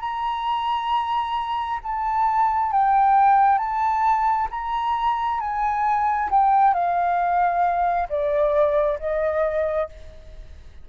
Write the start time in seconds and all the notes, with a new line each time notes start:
0.00 A#5
1.83 A5
2.72 G5
3.58 A5
4.50 A#5
5.40 G#5
6.31 G5
6.73 F5
8.09 D5
8.99 D#5